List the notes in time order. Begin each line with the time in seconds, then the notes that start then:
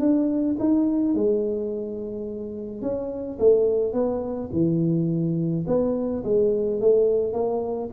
0.00 D4
0.59 D#4
1.14 G#3
2.82 C#4
3.39 A3
3.93 B3
4.52 E3
5.67 B3
6.24 G#3
6.81 A3
7.33 A#3